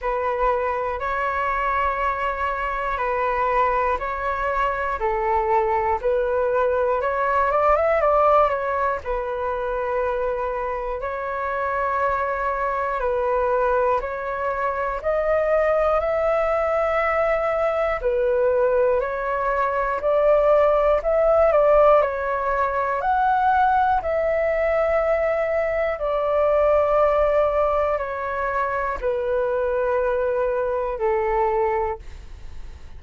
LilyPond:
\new Staff \with { instrumentName = "flute" } { \time 4/4 \tempo 4 = 60 b'4 cis''2 b'4 | cis''4 a'4 b'4 cis''8 d''16 e''16 | d''8 cis''8 b'2 cis''4~ | cis''4 b'4 cis''4 dis''4 |
e''2 b'4 cis''4 | d''4 e''8 d''8 cis''4 fis''4 | e''2 d''2 | cis''4 b'2 a'4 | }